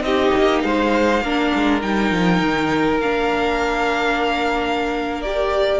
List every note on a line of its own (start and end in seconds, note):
0.00 0.30 C4
0.00 1.21 D#4
0.00 0.64 G4
0.00 0.61 D#5
0.37 0.63 A#3
0.62 1.21 G#3
0.62 1.23 C5
0.62 1.81 F5
1.21 1.50 A#3
1.21 1.81 D4
1.21 5.80 A#4
1.54 1.82 G#3
1.81 2.11 G3
1.81 3.00 D#4
1.81 3.00 G5
2.11 2.40 F3
2.40 2.99 D#3
2.99 5.80 A#3
2.99 5.25 D4
2.99 5.21 F5
5.21 5.80 G4
5.21 5.80 D5